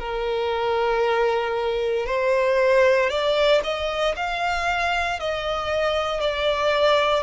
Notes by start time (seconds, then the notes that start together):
0.00 A#4
2.07 C5
3.10 D5
3.64 D#5
4.17 F5
5.20 D#5
6.21 D5